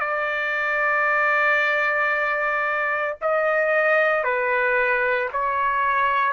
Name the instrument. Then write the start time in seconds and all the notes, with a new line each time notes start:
trumpet
0.00 D5
3.22 D#5
4.24 B4
5.33 C#5